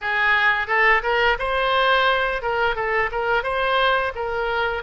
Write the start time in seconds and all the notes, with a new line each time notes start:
0.01 G#4
0.67 A4
1.03 A#4
1.38 C5
2.42 A#4
2.75 A4
3.11 A#4
3.43 C5
4.15 A#4